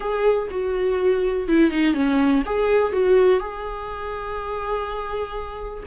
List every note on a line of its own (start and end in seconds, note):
0.00 0.48 G#4
0.50 1.48 F#4
1.48 1.71 E4
1.71 1.94 D#4
1.94 2.42 C#4
2.45 2.92 G#4
2.92 3.39 F#4
3.39 5.83 G#4